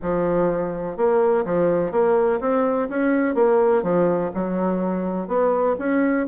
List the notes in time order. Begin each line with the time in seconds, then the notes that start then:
0.02 F3
0.96 A#3
1.45 F3
1.91 A#3
2.40 C4
2.89 C#4
3.34 A#3
3.82 F3
4.34 F#3
5.27 B3
5.78 C#4